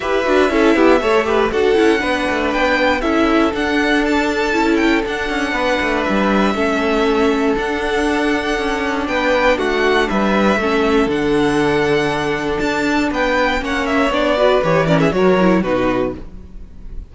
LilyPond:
<<
  \new Staff \with { instrumentName = "violin" } { \time 4/4 \tempo 4 = 119 e''2. fis''4~ | fis''4 g''4 e''4 fis''4 | a''4. g''8 fis''2 | e''2. fis''4~ |
fis''2 g''4 fis''4 | e''2 fis''2~ | fis''4 a''4 g''4 fis''8 e''8 | d''4 cis''8 d''16 e''16 cis''4 b'4 | }
  \new Staff \with { instrumentName = "violin" } { \time 4/4 b'4 a'8 g'8 cis''8 b'8 a'4 | b'2 a'2~ | a'2. b'4~ | b'4 a'2.~ |
a'2 b'4 fis'4 | b'4 a'2.~ | a'2 b'4 cis''4~ | cis''8 b'4 ais'16 gis'16 ais'4 fis'4 | }
  \new Staff \with { instrumentName = "viola" } { \time 4/4 g'8 fis'8 e'4 a'8 g'8 fis'8 e'8 | d'2 e'4 d'4~ | d'4 e'4 d'2~ | d'4 cis'2 d'4~ |
d'1~ | d'4 cis'4 d'2~ | d'2. cis'4 | d'8 fis'8 g'8 cis'8 fis'8 e'8 dis'4 | }
  \new Staff \with { instrumentName = "cello" } { \time 4/4 e'8 d'8 cis'8 b8 a4 d'8 cis'8 | b8 a8 b4 cis'4 d'4~ | d'4 cis'4 d'8 cis'8 b8 a8 | g4 a2 d'4~ |
d'4 cis'4 b4 a4 | g4 a4 d2~ | d4 d'4 b4 ais4 | b4 e4 fis4 b,4 | }
>>